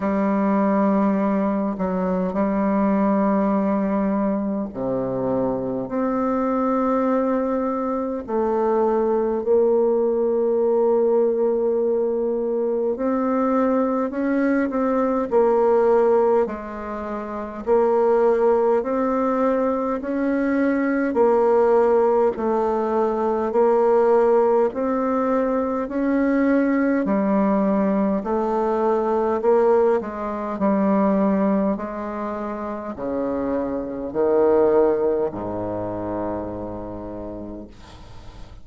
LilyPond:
\new Staff \with { instrumentName = "bassoon" } { \time 4/4 \tempo 4 = 51 g4. fis8 g2 | c4 c'2 a4 | ais2. c'4 | cis'8 c'8 ais4 gis4 ais4 |
c'4 cis'4 ais4 a4 | ais4 c'4 cis'4 g4 | a4 ais8 gis8 g4 gis4 | cis4 dis4 gis,2 | }